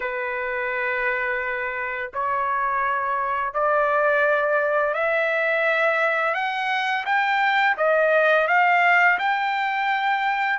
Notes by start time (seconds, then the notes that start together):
0.00 B4
2.13 C#5
3.53 D5
4.93 E5
6.34 F#5
7.05 G5
7.77 D#5
8.47 F5
9.18 G5